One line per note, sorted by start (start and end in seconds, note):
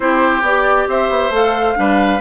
0.00 0.41 C4
0.00 0.42 E4
0.00 0.89 G4
0.00 0.43 C5
0.41 0.86 B3
0.41 1.32 G4
0.41 0.89 D5
0.87 1.09 C4
0.87 1.78 C5
0.87 1.34 E5
1.09 1.30 B3
1.30 1.74 A3
1.30 1.75 A4
1.30 2.21 F5
1.75 2.21 G3
1.75 2.20 D4
1.75 2.21 B4